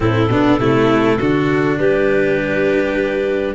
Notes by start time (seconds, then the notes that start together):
0.00 A2 C4 E4 A4
0.27 B2 B3 D4
0.58 C3 A3 E4
1.19 D3 D4 F#4
1.78 G3 G4 B4